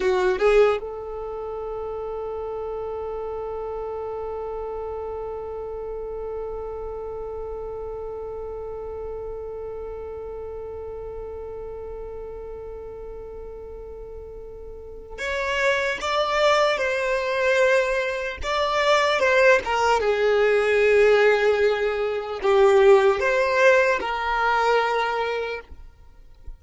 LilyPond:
\new Staff \with { instrumentName = "violin" } { \time 4/4 \tempo 4 = 75 fis'8 gis'8 a'2.~ | a'1~ | a'1~ | a'1~ |
a'2. cis''4 | d''4 c''2 d''4 | c''8 ais'8 gis'2. | g'4 c''4 ais'2 | }